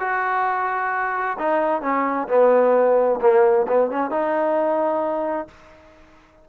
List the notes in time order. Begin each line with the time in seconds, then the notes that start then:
0.00 F#4
1.39 D#4
1.82 C#4
2.28 B3
3.21 A#3
3.68 B3
3.91 C#4
4.11 D#4